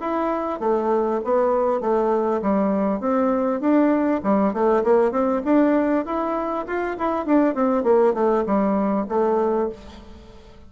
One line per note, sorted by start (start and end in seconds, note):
0.00 0.60 E4
0.60 1.20 A3
1.24 1.80 B3
1.80 2.41 A3
2.42 3.00 G3
3.00 3.60 C4
3.60 4.21 D4
4.23 4.53 G3
4.53 4.83 A3
4.83 5.11 A#3
5.11 5.42 C4
5.44 6.05 D4
6.05 6.66 E4
6.66 6.97 F4
6.98 7.26 E4
7.26 7.55 D4
7.55 7.83 C4
7.83 8.14 A#3
8.14 8.44 A3
8.46 9.07 G3
9.09 9.69 A3